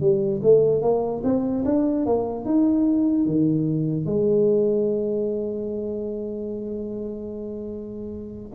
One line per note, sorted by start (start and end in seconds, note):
0.00 0.41 G3
0.42 0.82 A3
0.82 1.22 A#3
1.24 1.64 C4
1.65 2.06 D4
2.06 2.45 A#3
2.45 3.26 D#4
3.26 4.06 D#3
4.06 8.52 G#3